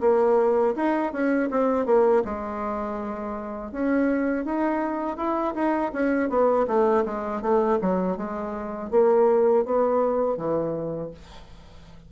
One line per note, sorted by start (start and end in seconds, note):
0.00 0.74 A#3
0.75 1.12 D#4
1.12 1.49 C#4
1.50 1.86 C4
1.86 2.23 A#3
2.24 3.71 G#3
3.71 4.45 C#4
4.45 5.17 D#4
5.17 5.54 E4
5.54 5.91 D#4
5.92 6.29 C#4
6.29 6.66 B3
6.67 7.04 A3
7.05 7.41 G#3
7.41 7.78 A3
7.81 8.17 F#3
8.17 8.91 G#3
8.91 9.65 A#3
9.65 10.37 B3
10.37 11.11 E3